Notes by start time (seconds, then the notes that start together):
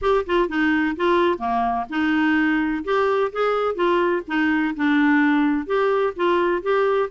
0.01 G4
0.26 F4
0.48 D#4
0.96 F4
1.38 A#3
1.89 D#4
2.84 G4
3.32 G#4
3.75 F4
4.27 D#4
4.76 D4
5.66 G4
6.15 F4
6.62 G4